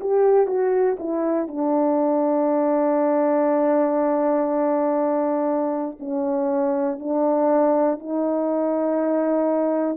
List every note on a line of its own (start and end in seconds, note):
0.00 0.47 G4
0.47 0.97 F#4
0.99 1.47 E4
1.47 5.97 D4
5.99 6.99 C#4
6.99 7.99 D4
7.99 9.97 D#4